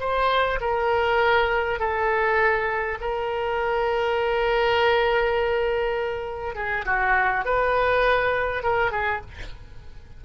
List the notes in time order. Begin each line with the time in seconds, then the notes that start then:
0.00 C5
0.61 A#4
1.79 A4
3.01 A#4
6.55 G#4
6.86 F#4
7.45 B4
8.63 A#4
8.91 G#4